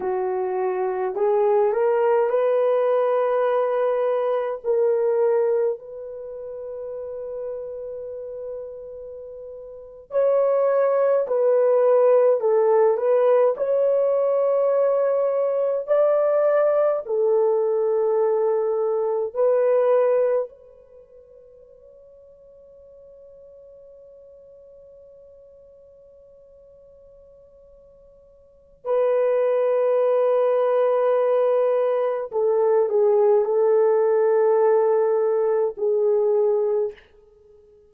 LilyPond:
\new Staff \with { instrumentName = "horn" } { \time 4/4 \tempo 4 = 52 fis'4 gis'8 ais'8 b'2 | ais'4 b'2.~ | b'8. cis''4 b'4 a'8 b'8 cis''16~ | cis''4.~ cis''16 d''4 a'4~ a'16~ |
a'8. b'4 cis''2~ cis''16~ | cis''1~ | cis''4 b'2. | a'8 gis'8 a'2 gis'4 | }